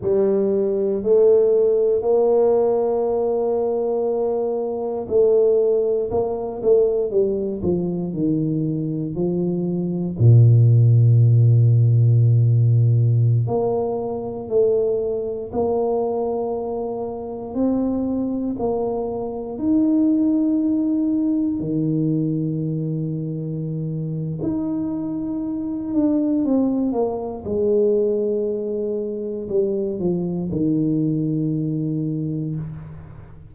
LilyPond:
\new Staff \with { instrumentName = "tuba" } { \time 4/4 \tempo 4 = 59 g4 a4 ais2~ | ais4 a4 ais8 a8 g8 f8 | dis4 f4 ais,2~ | ais,4~ ais,16 ais4 a4 ais8.~ |
ais4~ ais16 c'4 ais4 dis'8.~ | dis'4~ dis'16 dis2~ dis8. | dis'4. d'8 c'8 ais8 gis4~ | gis4 g8 f8 dis2 | }